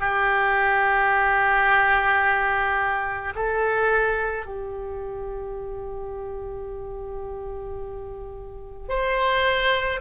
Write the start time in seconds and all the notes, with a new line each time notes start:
0.00 G4
3.35 A4
4.45 G4
8.89 C5